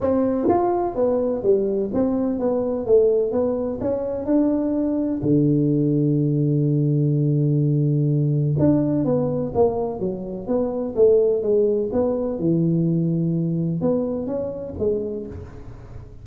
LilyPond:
\new Staff \with { instrumentName = "tuba" } { \time 4/4 \tempo 4 = 126 c'4 f'4 b4 g4 | c'4 b4 a4 b4 | cis'4 d'2 d4~ | d1~ |
d2 d'4 b4 | ais4 fis4 b4 a4 | gis4 b4 e2~ | e4 b4 cis'4 gis4 | }